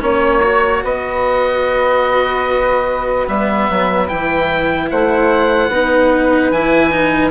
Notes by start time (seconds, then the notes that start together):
0.00 A#3 C#4 C#5
0.43 F#4
0.84 B3 B4 D#5
3.27 G3 B3 E5
3.70 F#3
4.08 E3 E4 G5
4.91 A3 C5 F#5
5.69 B3 D#4 B4
6.51 E3 E4 G#5
6.91 D#4